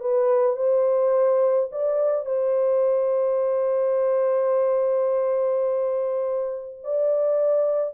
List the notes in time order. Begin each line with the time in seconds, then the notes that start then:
0.00 B4
0.56 C5
1.71 D5
2.25 C5
6.83 D5